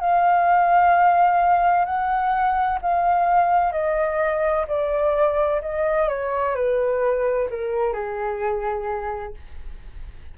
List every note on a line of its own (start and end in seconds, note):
0.00 1.85 F5
1.85 2.79 F#5
2.82 3.72 F5
3.72 4.66 D#5
4.68 5.62 D5
5.62 6.09 D#5
6.09 6.55 C#5
6.55 7.49 B4
7.50 7.93 A#4
7.93 9.34 G#4